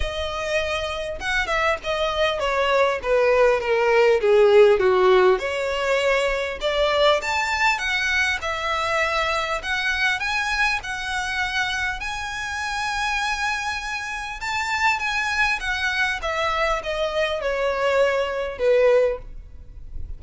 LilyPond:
\new Staff \with { instrumentName = "violin" } { \time 4/4 \tempo 4 = 100 dis''2 fis''8 e''8 dis''4 | cis''4 b'4 ais'4 gis'4 | fis'4 cis''2 d''4 | a''4 fis''4 e''2 |
fis''4 gis''4 fis''2 | gis''1 | a''4 gis''4 fis''4 e''4 | dis''4 cis''2 b'4 | }